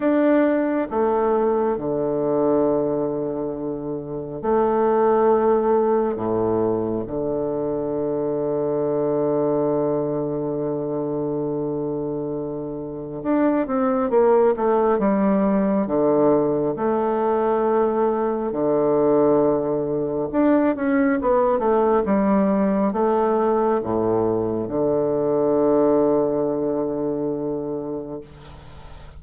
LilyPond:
\new Staff \with { instrumentName = "bassoon" } { \time 4/4 \tempo 4 = 68 d'4 a4 d2~ | d4 a2 a,4 | d1~ | d2. d'8 c'8 |
ais8 a8 g4 d4 a4~ | a4 d2 d'8 cis'8 | b8 a8 g4 a4 a,4 | d1 | }